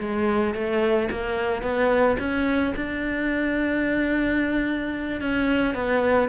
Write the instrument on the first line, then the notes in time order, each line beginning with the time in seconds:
cello
0.00 G#3
0.55 A3
1.11 A#3
1.63 B3
2.19 C#4
2.76 D4
5.21 C#4
5.75 B3